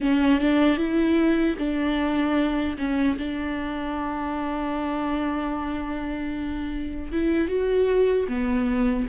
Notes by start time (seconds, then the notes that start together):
0.00 C#4
0.40 D4
0.77 E4
1.58 D4
2.77 C#4
3.18 D4
7.12 E4
7.47 F#4
8.28 B3